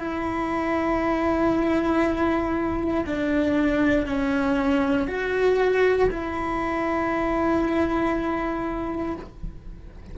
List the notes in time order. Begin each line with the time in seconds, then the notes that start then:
0.00 E4
3.06 D4
4.07 C#4
5.08 F#4
6.11 E4